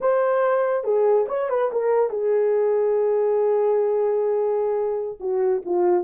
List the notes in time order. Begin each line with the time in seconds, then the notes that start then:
0.00 C5
0.83 G#4
1.28 C#5
1.49 B4
1.72 A#4
2.10 G#4
5.20 F#4
5.65 F4